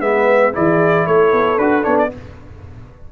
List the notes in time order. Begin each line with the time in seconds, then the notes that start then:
0.00 G#3 B3 B4 E5
0.53 E3 E4 G#4 D5
1.06 A3 A4 C#5
1.32 B3
1.57 D4 F#4 B4
1.82 B3 D4 C#5
1.98 D5